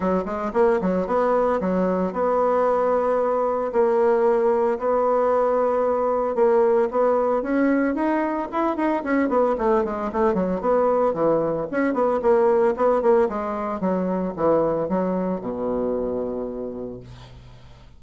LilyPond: \new Staff \with { instrumentName = "bassoon" } { \time 4/4 \tempo 4 = 113 fis8 gis8 ais8 fis8 b4 fis4 | b2. ais4~ | ais4 b2. | ais4 b4 cis'4 dis'4 |
e'8 dis'8 cis'8 b8 a8 gis8 a8 fis8 | b4 e4 cis'8 b8 ais4 | b8 ais8 gis4 fis4 e4 | fis4 b,2. | }